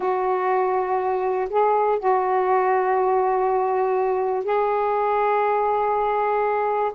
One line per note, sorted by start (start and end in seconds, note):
0.00 1.48 F#4
1.49 1.99 G#4
1.99 4.44 F#4
4.44 6.92 G#4